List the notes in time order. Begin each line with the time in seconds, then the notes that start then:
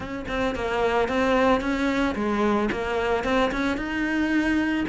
0.00 C#4
0.28 C4
0.55 A#3
1.08 C4
1.60 C#4
2.15 G#3
2.71 A#3
3.24 C4
3.51 C#4
3.77 D#4